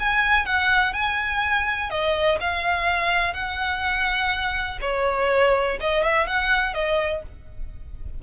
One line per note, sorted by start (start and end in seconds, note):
0.00 0.46 G#5
0.46 0.93 F#5
0.93 1.90 G#5
1.90 2.39 D#5
2.41 3.34 F5
3.34 4.79 F#5
4.82 5.78 C#5
5.81 6.04 D#5
6.04 6.27 E5
6.27 6.75 F#5
6.75 7.23 D#5